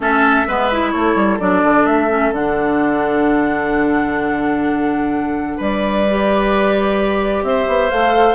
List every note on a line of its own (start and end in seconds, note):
0.00 0.44 A3
0.00 0.47 C#4
0.00 0.47 A4
0.00 0.91 E5
0.47 0.94 G#3
0.47 0.71 B3
0.47 0.92 B4
0.71 1.39 E4
0.91 1.15 A3
0.91 5.56 A4
0.91 1.37 C#5
1.15 1.38 G3
1.39 1.63 F#3
1.39 2.09 D4
1.39 1.86 D5
1.63 1.86 D3
1.86 2.31 A3
1.86 2.32 E5
2.09 2.32 C#4
2.31 5.56 D3
2.31 6.06 D4
2.31 5.60 F#5
5.56 7.42 G3
5.56 7.43 B4
5.56 7.44 D5
6.09 7.91 G4
7.42 7.66 C4
7.42 8.34 C5
7.42 7.89 E5
7.67 7.91 B3
7.89 8.34 A3
7.89 8.34 A4
7.89 8.34 F5